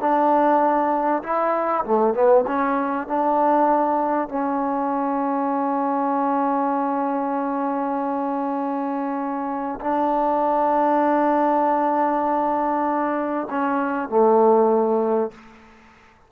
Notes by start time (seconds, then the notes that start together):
0.00 D4
1.23 E4
1.85 A3
2.14 B3
2.47 C#4
3.08 D4
4.29 C#4
9.80 D4
13.50 C#4
14.09 A3